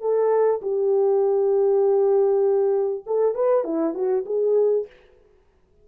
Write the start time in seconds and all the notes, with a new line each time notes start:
0.00 A4
0.62 G4
3.06 A4
3.34 B4
3.64 E4
3.94 F#4
4.26 G#4